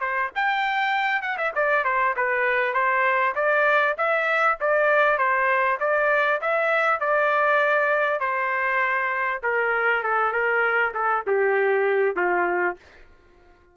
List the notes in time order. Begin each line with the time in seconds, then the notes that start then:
0.00 C5
0.35 G5
1.22 F#5
1.37 E5
1.55 D5
1.84 C5
2.17 B4
2.74 C5
3.35 D5
3.98 E5
4.60 D5
5.18 C5
5.80 D5
6.41 E5
7.00 D5
8.20 C5
9.43 A#4
10.03 A4
10.32 A#4
10.94 A4
11.27 G4
12.16 F4